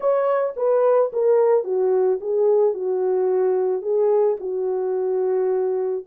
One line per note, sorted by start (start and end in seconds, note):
0.00 0.54 C#5
0.56 1.11 B4
1.12 1.64 A#4
1.64 2.19 F#4
2.20 2.74 G#4
2.74 3.82 F#4
3.82 4.37 G#4
4.40 6.05 F#4